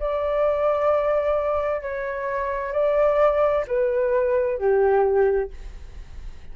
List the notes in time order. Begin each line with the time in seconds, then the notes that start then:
0.00 D5
1.82 C#5
2.73 D5
3.68 B4
4.58 G4